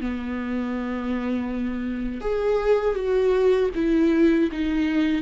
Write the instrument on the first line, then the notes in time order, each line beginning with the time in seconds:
viola
0.00 B3
2.21 G#4
2.95 F#4
3.75 E4
4.52 D#4